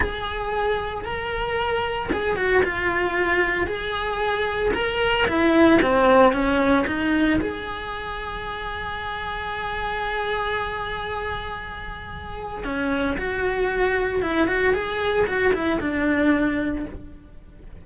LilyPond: \new Staff \with { instrumentName = "cello" } { \time 4/4 \tempo 4 = 114 gis'2 ais'2 | gis'8 fis'8 f'2 gis'4~ | gis'4 ais'4 e'4 c'4 | cis'4 dis'4 gis'2~ |
gis'1~ | gis'1 | cis'4 fis'2 e'8 fis'8 | gis'4 fis'8 e'8 d'2 | }